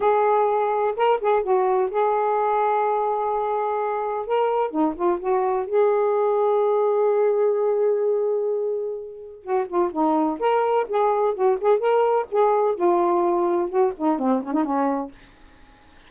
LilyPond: \new Staff \with { instrumentName = "saxophone" } { \time 4/4 \tempo 4 = 127 gis'2 ais'8 gis'8 fis'4 | gis'1~ | gis'4 ais'4 dis'8 f'8 fis'4 | gis'1~ |
gis'1 | fis'8 f'8 dis'4 ais'4 gis'4 | fis'8 gis'8 ais'4 gis'4 f'4~ | f'4 fis'8 dis'8 c'8 cis'16 dis'16 cis'4 | }